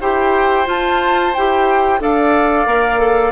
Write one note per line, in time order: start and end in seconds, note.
0.00 0.67 E4
0.00 0.66 G4
0.00 2.00 C5
0.00 0.68 G5
0.66 1.32 F4
0.66 1.34 F4
0.66 1.34 A5
1.34 2.00 E4
1.34 1.99 G4
1.34 2.01 G5
1.99 2.66 D4
1.99 2.66 A4
1.99 3.31 D5
1.99 3.31 F5
2.66 3.31 A#3
2.66 2.99 A#4
2.99 3.31 A4